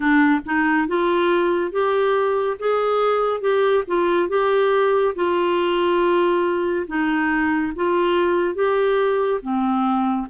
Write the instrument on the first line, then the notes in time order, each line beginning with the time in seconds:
clarinet
0.00 D4
0.45 D#4
0.87 F4
1.71 G4
2.59 G#4
3.41 G4
3.87 F4
4.29 G4
5.15 F4
6.87 D#4
7.75 F4
8.54 G4
9.41 C4